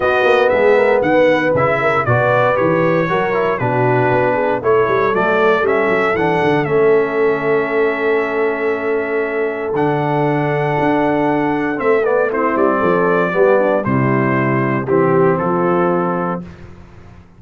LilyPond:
<<
  \new Staff \with { instrumentName = "trumpet" } { \time 4/4 \tempo 4 = 117 dis''4 e''4 fis''4 e''4 | d''4 cis''2 b'4~ | b'4 cis''4 d''4 e''4 | fis''4 e''2.~ |
e''2. fis''4~ | fis''2. e''8 d''8 | c''8 d''2~ d''8 c''4~ | c''4 g'4 a'2 | }
  \new Staff \with { instrumentName = "horn" } { \time 4/4 fis'4 gis'8 ais'8 b'4. ais'8 | b'2 ais'4 fis'4~ | fis'8 gis'8 a'2.~ | a'1~ |
a'1~ | a'1 | e'4 a'4 g'8 d'8 e'4~ | e'4 g'4 f'2 | }
  \new Staff \with { instrumentName = "trombone" } { \time 4/4 b2. e'4 | fis'4 g'4 fis'8 e'8 d'4~ | d'4 e'4 a4 cis'4 | d'4 cis'2.~ |
cis'2. d'4~ | d'2. c'8 b8 | c'2 b4 g4~ | g4 c'2. | }
  \new Staff \with { instrumentName = "tuba" } { \time 4/4 b8 ais8 gis4 dis4 cis4 | b,4 e4 fis4 b,4 | b4 a8 g8 fis4 g8 fis8 | e8 d8 a2.~ |
a2. d4~ | d4 d'2 a4~ | a8 g8 f4 g4 c4~ | c4 e4 f2 | }
>>